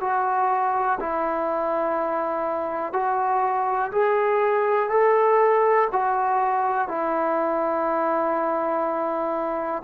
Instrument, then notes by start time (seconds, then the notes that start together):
trombone
0.00 F#4
1.00 E4
2.92 F#4
3.92 G#4
4.89 A4
5.92 F#4
6.88 E4